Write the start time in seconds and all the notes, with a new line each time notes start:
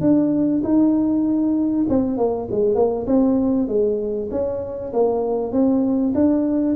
0.00 D4
0.63 D#4
1.89 C4
2.17 A#3
2.50 G#3
2.75 A#3
3.06 C4
3.67 G#3
4.31 C#4
4.92 A#3
5.52 C4
6.14 D4